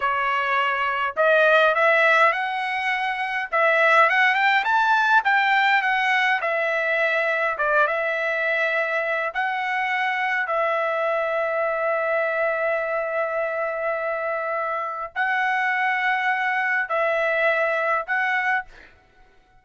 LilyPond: \new Staff \with { instrumentName = "trumpet" } { \time 4/4 \tempo 4 = 103 cis''2 dis''4 e''4 | fis''2 e''4 fis''8 g''8 | a''4 g''4 fis''4 e''4~ | e''4 d''8 e''2~ e''8 |
fis''2 e''2~ | e''1~ | e''2 fis''2~ | fis''4 e''2 fis''4 | }